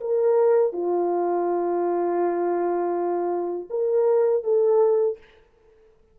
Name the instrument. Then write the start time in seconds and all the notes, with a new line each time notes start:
horn
0.00 A#4
0.72 F4
3.70 A#4
4.43 A4